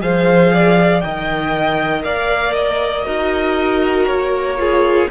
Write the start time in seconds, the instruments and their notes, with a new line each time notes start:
0.00 cello F3, viola G#4, violin C5 F5
0.53 violin D5
1.00 cello D#3, viola A#4, violin D#5 G5
2.04 cello A#3, violin D5 F5
2.53 violin D#5
3.04 cello D#4, viola F#4, violin A#4
4.05 cello A#3, violin C#5
4.57 viola F4, violin G#4